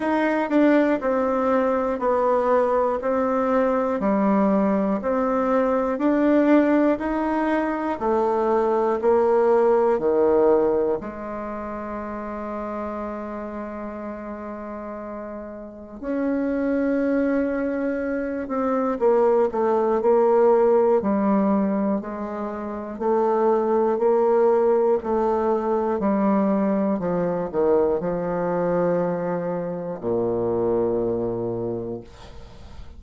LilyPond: \new Staff \with { instrumentName = "bassoon" } { \time 4/4 \tempo 4 = 60 dis'8 d'8 c'4 b4 c'4 | g4 c'4 d'4 dis'4 | a4 ais4 dis4 gis4~ | gis1 |
cis'2~ cis'8 c'8 ais8 a8 | ais4 g4 gis4 a4 | ais4 a4 g4 f8 dis8 | f2 ais,2 | }